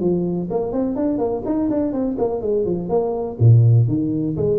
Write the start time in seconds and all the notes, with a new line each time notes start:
0.00 F3
0.50 A#3
0.72 C4
0.96 D4
1.18 A#3
1.45 D#4
1.70 D4
1.92 C4
2.18 A#3
2.41 G#3
2.65 F3
2.89 A#3
3.39 A#2
3.88 D#3
4.36 G#3